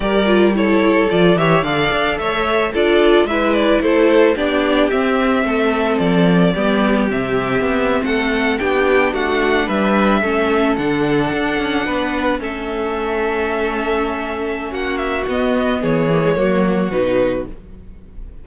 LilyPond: <<
  \new Staff \with { instrumentName = "violin" } { \time 4/4 \tempo 4 = 110 d''4 cis''4 d''8 e''8 f''4 | e''4 d''4 e''8 d''8 c''4 | d''4 e''2 d''4~ | d''4 e''4.~ e''16 fis''4 g''16~ |
g''8. fis''4 e''2 fis''16~ | fis''2~ fis''8. e''4~ e''16~ | e''2. fis''8 e''8 | dis''4 cis''2 b'4 | }
  \new Staff \with { instrumentName = "violin" } { \time 4/4 ais'4 a'4. cis''8 d''4 | cis''4 a'4 b'4 a'4 | g'2 a'2 | g'2~ g'8. a'4 g'16~ |
g'8. fis'4 b'4 a'4~ a'16~ | a'4.~ a'16 b'4 a'4~ a'16~ | a'2. fis'4~ | fis'4 gis'4 fis'2 | }
  \new Staff \with { instrumentName = "viola" } { \time 4/4 g'8 f'8 e'4 f'8 g'8 a'4~ | a'4 f'4 e'2 | d'4 c'2. | b4 c'2~ c'8. d'16~ |
d'2~ d'8. cis'4 d'16~ | d'2~ d'8. cis'4~ cis'16~ | cis'1 | b4. ais16 gis16 ais4 dis'4 | }
  \new Staff \with { instrumentName = "cello" } { \time 4/4 g2 f8 e8 d8 d'8 | a4 d'4 gis4 a4 | b4 c'4 a4 f4 | g4 c4 b8. a4 b16~ |
b8. a4 g4 a4 d16~ | d8. d'8 cis'8 b4 a4~ a16~ | a2. ais4 | b4 e4 fis4 b,4 | }
>>